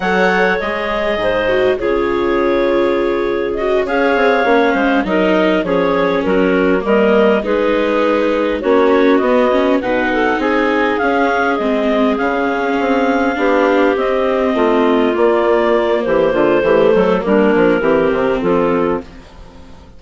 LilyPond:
<<
  \new Staff \with { instrumentName = "clarinet" } { \time 4/4 \tempo 4 = 101 fis''4 dis''2 cis''4~ | cis''2 dis''8 f''4.~ | f''8 dis''4 cis''4 ais'4 dis''8~ | dis''8 b'2 cis''4 dis''8~ |
dis''8 fis''4 gis''4 f''4 dis''8~ | dis''8 f''2. dis''8~ | dis''4. d''4. c''4~ | c''4 ais'2 a'4 | }
  \new Staff \with { instrumentName = "clarinet" } { \time 4/4 cis''2 c''4 gis'4~ | gis'2~ gis'8 cis''4. | c''8 ais'4 gis'4 fis'4 ais'8~ | ais'8 gis'2 fis'4.~ |
fis'8 b'8 a'8 gis'2~ gis'8~ | gis'2~ gis'8 g'4.~ | g'8 f'2~ f'8 g'8 f'8 | g'8 a'8 d'4 g'4 f'4 | }
  \new Staff \with { instrumentName = "viola" } { \time 4/4 a'4 gis'4. fis'8 f'4~ | f'2 fis'8 gis'4 cis'8~ | cis'8 dis'4 cis'2 ais8~ | ais8 dis'2 cis'4 b8 |
cis'8 dis'2 cis'4 c'8~ | c'8 cis'2 d'4 c'8~ | c'4. ais2~ ais8 | a4 ais4 c'2 | }
  \new Staff \with { instrumentName = "bassoon" } { \time 4/4 fis4 gis4 gis,4 cis4~ | cis2~ cis8 cis'8 c'8 ais8 | gis8 fis4 f4 fis4 g8~ | g8 gis2 ais4 b8~ |
b8 b,4 c'4 cis'4 gis8~ | gis8 cis4 c'4 b4 c'8~ | c'8 a4 ais4. e8 d8 | e8 fis8 g8 f8 e8 c8 f4 | }
>>